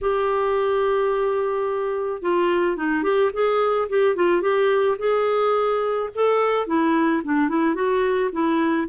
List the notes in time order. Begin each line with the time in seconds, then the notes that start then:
0.01 G4
2.21 F4
2.77 D#4
3.03 G4
3.33 G#4
3.89 G4
4.15 F4
4.41 G4
4.98 G#4
6.15 A4
6.67 E4
7.24 D4
7.48 E4
7.74 F#4
8.32 E4